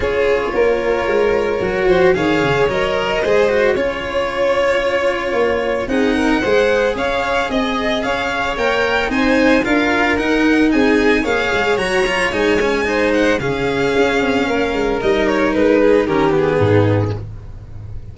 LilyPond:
<<
  \new Staff \with { instrumentName = "violin" } { \time 4/4 \tempo 4 = 112 cis''1 | f''4 dis''2 cis''4~ | cis''2. fis''4~ | fis''4 f''4 dis''4 f''4 |
g''4 gis''4 f''4 fis''4 | gis''4 f''4 ais''4 gis''4~ | gis''8 fis''8 f''2. | dis''8 cis''8 b'4 ais'8 gis'4. | }
  \new Staff \with { instrumentName = "violin" } { \time 4/4 gis'4 ais'2~ ais'8 c''8 | cis''2 c''4 cis''4~ | cis''2. gis'8 ais'8 | c''4 cis''4 dis''4 cis''4~ |
cis''4 c''4 ais'2 | gis'4 cis''2. | c''4 gis'2 ais'4~ | ais'4. gis'8 g'4 dis'4 | }
  \new Staff \with { instrumentName = "cello" } { \time 4/4 f'2. fis'4 | gis'4 ais'4 gis'8 fis'8 f'4~ | f'2. dis'4 | gis'1 |
ais'4 dis'4 f'4 dis'4~ | dis'4 gis'4 fis'8 f'8 dis'8 cis'8 | dis'4 cis'2. | dis'2 cis'8 b4. | }
  \new Staff \with { instrumentName = "tuba" } { \time 4/4 cis'4 ais4 gis4 fis8 f8 | dis8 cis8 fis4 gis4 cis'4~ | cis'2 ais4 c'4 | gis4 cis'4 c'4 cis'4 |
ais4 c'4 d'4 dis'4 | c'4 ais8 gis8 fis4 gis4~ | gis4 cis4 cis'8 c'8 ais8 gis8 | g4 gis4 dis4 gis,4 | }
>>